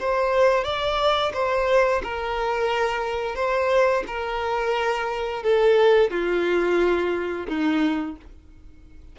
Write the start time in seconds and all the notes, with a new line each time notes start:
0.00 C5
0.64 D5
1.34 C5
2.03 A#4
3.36 C5
4.07 A#4
5.43 A4
6.11 F4
7.48 D#4